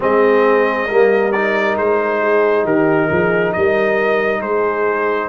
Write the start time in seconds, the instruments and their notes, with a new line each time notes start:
0.00 tuba G#3, trombone C4, horn G#4, trumpet D#5
0.86 tuba G3, trombone A#3, horn A#4
1.32 trombone D#4, trumpet D5
1.76 tuba G#3, trumpet C5
2.21 horn G#4
2.64 tuba D#3, horn G4, trumpet A#4
3.10 tuba F3, horn G#4
3.53 tuba G3, horn A#4, trumpet D#5
4.40 tuba G#3, horn G#4, trumpet C5